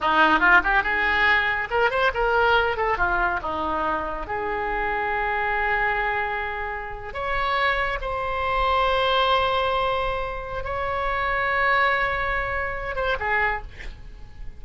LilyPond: \new Staff \with { instrumentName = "oboe" } { \time 4/4 \tempo 4 = 141 dis'4 f'8 g'8 gis'2 | ais'8 c''8 ais'4. a'8 f'4 | dis'2 gis'2~ | gis'1~ |
gis'8. cis''2 c''4~ c''16~ | c''1~ | c''4 cis''2.~ | cis''2~ cis''8 c''8 gis'4 | }